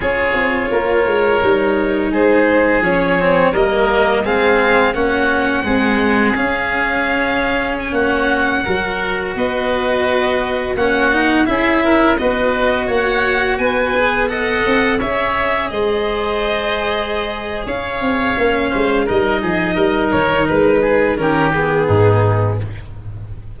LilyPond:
<<
  \new Staff \with { instrumentName = "violin" } { \time 4/4 \tempo 4 = 85 cis''2. c''4 | cis''4 dis''4 f''4 fis''4~ | fis''4 f''2 gis''16 fis''8.~ | fis''4~ fis''16 dis''2 fis''8.~ |
fis''16 e''4 dis''4 fis''4 gis''8.~ | gis''16 fis''4 e''4 dis''4.~ dis''16~ | dis''4 f''2 dis''4~ | dis''8 cis''8 b'4 ais'8 gis'4. | }
  \new Staff \with { instrumentName = "oboe" } { \time 4/4 gis'4 ais'2 gis'4~ | gis'4 ais'4 gis'4 fis'4 | gis'2.~ gis'16 fis'8.~ | fis'16 ais'4 b'2 fis'8.~ |
fis'16 gis'8 ais'8 b'4 cis''4 b'8.~ | b'16 dis''4 cis''4 c''4.~ c''16~ | c''4 cis''4. c''8 ais'8 gis'8 | ais'4. gis'8 g'4 dis'4 | }
  \new Staff \with { instrumentName = "cello" } { \time 4/4 f'2 dis'2 | cis'8 c'8 ais4 c'4 cis'4 | gis4 cis'2.~ | cis'16 fis'2. cis'8 dis'16~ |
dis'16 e'4 fis'2~ fis'8 gis'16~ | gis'16 a'4 gis'2~ gis'8.~ | gis'2 cis'4 dis'4~ | dis'2 cis'8 b4. | }
  \new Staff \with { instrumentName = "tuba" } { \time 4/4 cis'8 c'8 ais8 gis8 g4 gis4 | f4 g4 gis4 ais4 | c'4 cis'2~ cis'16 ais8.~ | ais16 fis4 b2 ais8.~ |
ais16 cis'4 b4 ais4 b8.~ | b8. c'8 cis'4 gis4.~ gis16~ | gis4 cis'8 c'8 ais8 gis8 g8 f8 | g8 dis8 gis4 dis4 gis,4 | }
>>